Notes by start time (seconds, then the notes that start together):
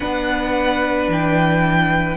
0.00 B3 D4 B4 F#5
1.08 E3 G5